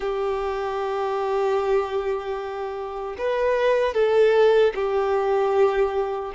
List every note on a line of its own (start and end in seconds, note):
0.00 3.16 G4
3.18 3.94 B4
3.94 4.73 A4
4.74 6.32 G4